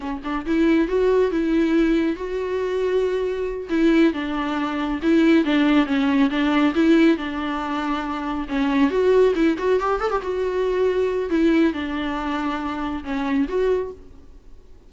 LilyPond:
\new Staff \with { instrumentName = "viola" } { \time 4/4 \tempo 4 = 138 cis'8 d'8 e'4 fis'4 e'4~ | e'4 fis'2.~ | fis'8 e'4 d'2 e'8~ | e'8 d'4 cis'4 d'4 e'8~ |
e'8 d'2. cis'8~ | cis'8 fis'4 e'8 fis'8 g'8 a'16 g'16 fis'8~ | fis'2 e'4 d'4~ | d'2 cis'4 fis'4 | }